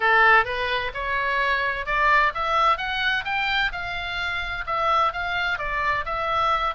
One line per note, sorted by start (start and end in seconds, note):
0.00 0.45 A4
0.45 0.91 B4
0.93 1.86 C#5
1.86 2.32 D5
2.34 2.77 E5
2.77 3.24 F#5
3.25 3.71 G5
3.71 4.64 F5
4.66 5.12 E5
5.12 5.58 F5
5.58 6.05 D5
6.05 6.74 E5